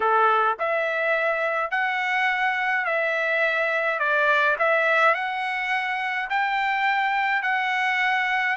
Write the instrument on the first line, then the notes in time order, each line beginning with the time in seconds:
trumpet
0.00 A4
0.59 E5
1.70 F#5
2.85 E5
3.99 D5
4.58 E5
5.14 F#5
6.29 G5
7.42 F#5